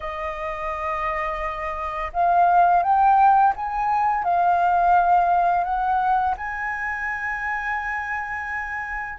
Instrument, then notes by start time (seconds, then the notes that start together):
flute
0.00 D#5
2.13 F5
2.82 G5
3.56 G#5
4.24 F5
5.64 F#5
6.37 G#5